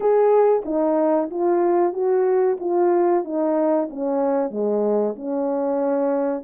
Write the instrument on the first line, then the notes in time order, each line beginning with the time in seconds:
horn
0.00 G#4
0.65 D#4
1.30 F4
1.93 F#4
2.60 F4
3.24 D#4
3.90 C#4
4.50 G#3
5.16 C#4